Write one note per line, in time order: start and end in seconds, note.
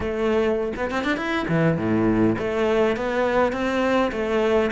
0.00 0.72 A3
0.76 0.90 B3
0.90 1.04 C4
1.04 1.17 D4
1.17 1.46 E4
1.48 1.77 E3
1.77 2.36 A2
2.38 2.96 A3
2.96 3.52 B3
3.52 4.11 C4
4.11 4.70 A3